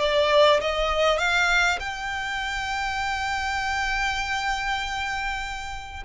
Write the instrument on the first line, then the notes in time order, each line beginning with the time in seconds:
violin
0.00 D5
0.61 D#5
1.19 F5
1.80 G5